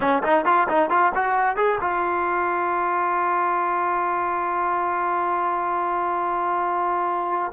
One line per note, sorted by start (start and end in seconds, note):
0.00 0.22 C#4
0.23 0.45 D#4
0.45 0.67 F4
0.68 0.90 D#4
0.90 1.12 F4
1.14 1.56 F#4
1.56 1.78 G#4
1.81 7.51 F4